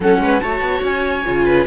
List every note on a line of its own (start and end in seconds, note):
0.00 0.19 F#3
0.00 0.40 C#4
0.00 0.21 A4
0.00 0.39 F#5
0.19 0.39 G#3
0.19 0.42 B4
0.39 0.60 A3
0.39 1.24 F#4
0.39 1.45 C#5
0.39 0.81 A5
0.60 0.81 B3
0.83 1.25 C#4
0.83 1.66 G#5
1.25 1.66 C#3
1.25 1.66 F4
1.45 1.66 B4